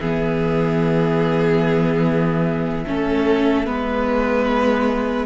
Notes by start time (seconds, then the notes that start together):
0.00 E3 B3 G#4 E5
2.87 A3 C#4 A4
3.66 G#3 B3 B4